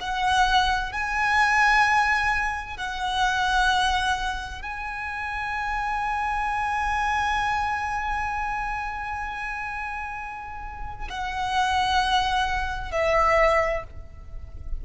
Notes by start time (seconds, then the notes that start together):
0.00 F#5
0.92 G#5
2.77 F#5
4.62 G#5
11.09 F#5
12.91 E5